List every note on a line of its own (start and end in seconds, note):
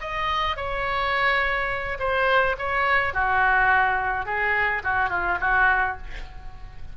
0.00 0.56 D#5
0.56 1.98 C#5
1.99 2.55 C5
2.58 3.13 C#5
3.13 4.25 F#4
4.25 4.82 G#4
4.83 5.09 F#4
5.09 5.38 F4
5.40 5.97 F#4